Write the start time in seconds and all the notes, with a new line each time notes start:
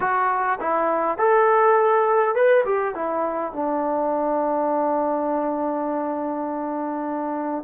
0.00 F#4
0.60 E4
1.18 A4
2.35 B4
2.65 G4
2.94 E4
3.52 D4